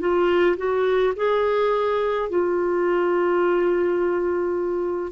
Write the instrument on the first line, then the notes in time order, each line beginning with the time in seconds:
clarinet
0.00 F4
0.57 F#4
1.16 G#4
2.30 F4